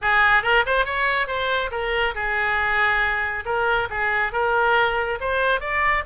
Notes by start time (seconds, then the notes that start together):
0.01 G#4
0.42 A#4
0.66 C5
0.85 C#5
1.27 C5
1.71 A#4
2.14 G#4
3.45 A#4
3.90 G#4
4.32 A#4
5.20 C5
5.60 D5